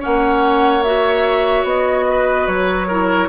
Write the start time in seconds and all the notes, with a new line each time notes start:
0.00 A#3 C#4 C#5 F#5
0.83 F#4 E5
1.64 B3 D#5
2.10 B4
2.47 F#3 C#5
2.87 E4 A#4